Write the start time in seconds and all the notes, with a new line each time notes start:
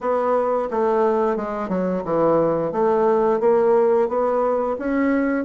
0.00 B3
0.71 A3
1.36 G#3
1.69 F#3
2.04 E3
2.71 A3
3.40 A#3
4.08 B3
4.78 C#4